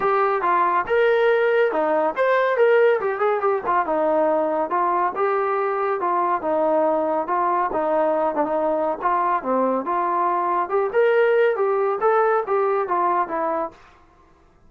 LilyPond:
\new Staff \with { instrumentName = "trombone" } { \time 4/4 \tempo 4 = 140 g'4 f'4 ais'2 | dis'4 c''4 ais'4 g'8 gis'8 | g'8 f'8 dis'2 f'4 | g'2 f'4 dis'4~ |
dis'4 f'4 dis'4. d'16 dis'16~ | dis'4 f'4 c'4 f'4~ | f'4 g'8 ais'4. g'4 | a'4 g'4 f'4 e'4 | }